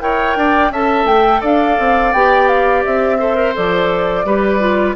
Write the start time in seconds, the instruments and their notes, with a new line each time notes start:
0.00 bassoon E4, clarinet A#4, oboe C#5, flute G5
0.36 bassoon D4, oboe D5
0.70 bassoon C#4, clarinet A4, oboe E5, flute A5
1.05 bassoon A3, flute G5
1.41 bassoon D4, oboe D5, flute F5
1.79 bassoon C4
2.13 bassoon B3, clarinet G4, flute G5
2.48 flute F5
2.85 bassoon C4, flute E5
3.19 clarinet A4, oboe C5
3.35 clarinet A#4
3.54 bassoon F3, clarinet A4, flute D5
4.25 bassoon G3, clarinet G4, oboe B4
4.59 clarinet F4